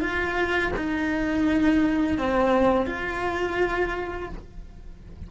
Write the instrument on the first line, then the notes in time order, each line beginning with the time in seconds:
cello
0.00 F4
0.76 D#4
2.18 C4
2.86 F4